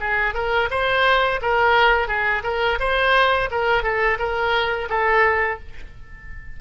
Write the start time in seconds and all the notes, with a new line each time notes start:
0.00 G#4
0.34 A#4
0.70 C5
1.41 A#4
2.07 G#4
2.43 A#4
2.79 C5
3.50 A#4
3.83 A4
4.19 A#4
4.89 A4